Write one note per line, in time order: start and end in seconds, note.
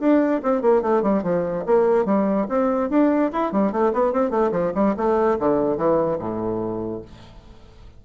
0.00 0.41 D4
0.43 0.62 C4
0.62 0.82 A#3
0.82 1.03 A3
1.03 1.23 G3
1.23 1.65 F3
1.66 2.06 A#3
2.06 2.47 G3
2.49 2.90 C4
2.90 3.31 D4
3.33 3.52 E4
3.52 3.72 G3
3.72 3.93 A3
3.94 4.13 B3
4.13 4.31 C4
4.31 4.52 A3
4.52 4.73 F3
4.75 4.96 G3
4.97 5.38 A3
5.40 5.77 D3
5.77 6.19 E3
6.19 7.02 A2